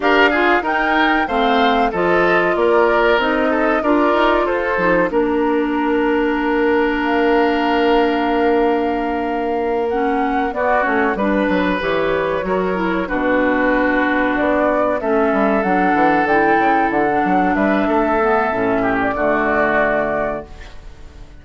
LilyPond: <<
  \new Staff \with { instrumentName = "flute" } { \time 4/4 \tempo 4 = 94 f''4 g''4 f''4 dis''4 | d''4 dis''4 d''4 c''4 | ais'2. f''4~ | f''2.~ f''8 fis''8~ |
fis''8 d''8 cis''8 b'4 cis''4.~ | cis''8 b'2 d''4 e''8~ | e''8 fis''4 g''4 fis''4 e''8~ | e''4.~ e''16 d''2~ d''16 | }
  \new Staff \with { instrumentName = "oboe" } { \time 4/4 ais'8 gis'8 ais'4 c''4 a'4 | ais'4. a'8 ais'4 a'4 | ais'1~ | ais'1~ |
ais'8 fis'4 b'2 ais'8~ | ais'8 fis'2. a'8~ | a'2.~ a'8 b'8 | a'4. g'8 fis'2 | }
  \new Staff \with { instrumentName = "clarinet" } { \time 4/4 g'8 f'8 dis'4 c'4 f'4~ | f'4 dis'4 f'4. dis'8 | d'1~ | d'2.~ d'8 cis'8~ |
cis'8 b8 cis'8 d'4 g'4 fis'8 | e'8 d'2. cis'8~ | cis'8 d'4 e'4~ e'16 d'4~ d'16~ | d'8 b8 cis'4 a2 | }
  \new Staff \with { instrumentName = "bassoon" } { \time 4/4 d'4 dis'4 a4 f4 | ais4 c'4 d'8 dis'8 f'8 f8 | ais1~ | ais1~ |
ais8 b8 a8 g8 fis8 e4 fis8~ | fis8 b,2 b4 a8 | g8 fis8 e8 d8 cis8 d8 fis8 g8 | a4 a,4 d2 | }
>>